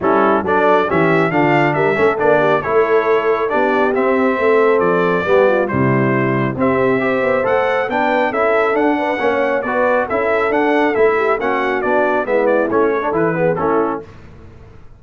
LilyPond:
<<
  \new Staff \with { instrumentName = "trumpet" } { \time 4/4 \tempo 4 = 137 a'4 d''4 e''4 f''4 | e''4 d''4 cis''2 | d''4 e''2 d''4~ | d''4 c''2 e''4~ |
e''4 fis''4 g''4 e''4 | fis''2 d''4 e''4 | fis''4 e''4 fis''4 d''4 | e''8 d''8 cis''4 b'4 a'4 | }
  \new Staff \with { instrumentName = "horn" } { \time 4/4 e'4 a'4 g'4 f'4 | ais'8 a'4 g'8 a'2 | g'2 a'2 | g'8 f'8 e'2 g'4 |
c''2 b'4 a'4~ | a'8 b'8 cis''4 b'4 a'4~ | a'4. g'8 fis'2 | e'4. a'4 gis'8 e'4 | }
  \new Staff \with { instrumentName = "trombone" } { \time 4/4 cis'4 d'4 cis'4 d'4~ | d'8 cis'8 d'4 e'2 | d'4 c'2. | b4 g2 c'4 |
g'4 a'4 d'4 e'4 | d'4 cis'4 fis'4 e'4 | d'4 e'4 cis'4 d'4 | b4 cis'8. d'16 e'8 b8 cis'4 | }
  \new Staff \with { instrumentName = "tuba" } { \time 4/4 g4 fis4 e4 d4 | g8 a8 ais4 a2 | b4 c'4 a4 f4 | g4 c2 c'4~ |
c'8 b8 a4 b4 cis'4 | d'4 ais4 b4 cis'4 | d'4 a4 ais4 b4 | gis4 a4 e4 a4 | }
>>